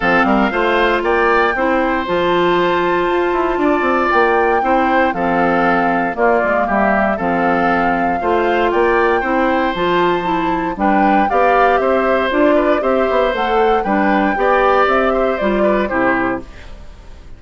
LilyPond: <<
  \new Staff \with { instrumentName = "flute" } { \time 4/4 \tempo 4 = 117 f''2 g''2 | a''1 | g''2 f''2 | d''4 e''4 f''2~ |
f''4 g''2 a''4~ | a''4 g''4 f''4 e''4 | d''4 e''4 fis''4 g''4~ | g''4 e''4 d''4 c''4 | }
  \new Staff \with { instrumentName = "oboe" } { \time 4/4 a'8 ais'8 c''4 d''4 c''4~ | c''2. d''4~ | d''4 c''4 a'2 | f'4 g'4 a'2 |
c''4 d''4 c''2~ | c''4 b'4 d''4 c''4~ | c''8 b'8 c''2 b'4 | d''4. c''4 b'8 g'4 | }
  \new Staff \with { instrumentName = "clarinet" } { \time 4/4 c'4 f'2 e'4 | f'1~ | f'4 e'4 c'2 | ais2 c'2 |
f'2 e'4 f'4 | e'4 d'4 g'2 | f'4 g'4 a'4 d'4 | g'2 f'4 e'4 | }
  \new Staff \with { instrumentName = "bassoon" } { \time 4/4 f8 g8 a4 ais4 c'4 | f2 f'8 e'8 d'8 c'8 | ais4 c'4 f2 | ais8 gis8 g4 f2 |
a4 ais4 c'4 f4~ | f4 g4 b4 c'4 | d'4 c'8 b8 a4 g4 | b4 c'4 g4 c4 | }
>>